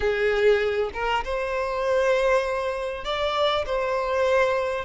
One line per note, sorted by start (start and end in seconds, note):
0.00 0.90 G#4
0.93 1.24 A#4
1.24 3.04 C5
3.04 3.65 D5
3.66 4.85 C5